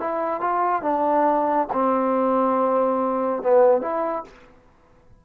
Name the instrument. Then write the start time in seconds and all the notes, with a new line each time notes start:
trombone
0.00 E4
0.41 F4
0.82 D4
1.73 C4
3.43 B3
3.81 E4